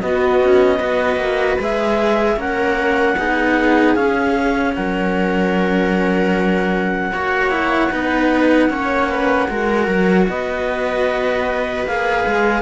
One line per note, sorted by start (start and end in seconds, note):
0.00 0.79 B3
0.00 0.42 B3
0.00 0.77 F#4
0.00 1.58 D#5
0.43 0.80 C#4
0.77 1.16 B3
0.77 1.58 F#4
0.77 2.35 B4
1.16 1.55 A#3
1.59 2.35 G#3
1.59 2.37 G#4
1.59 2.40 E5
2.35 3.14 A#3
2.35 3.16 C#4
2.35 3.16 A#4
2.35 3.94 F#5
3.16 3.95 B3
3.16 3.96 D#4
3.16 4.74 G#4
3.94 4.74 C#4
3.94 7.12 C#4
3.94 4.73 F5
4.74 7.11 F#3
4.74 7.12 A#4
4.74 10.27 F#5
7.11 7.90 A#3
7.11 7.50 F#4
7.11 7.91 C#5
7.50 7.89 E4
7.90 8.70 B3
7.90 8.69 D#4
7.90 8.71 B4
8.69 9.49 A#3
8.69 9.48 C#4
8.69 9.09 C#5
9.09 9.48 B4
9.49 9.87 G#3
9.49 11.86 F#4
9.49 10.29 A#4
9.87 10.27 F#3
10.28 11.85 B3
10.28 12.62 B4
10.28 11.87 D#5
11.85 12.24 A#3
11.85 12.62 G#4
11.85 12.62 F5
12.26 12.62 G#3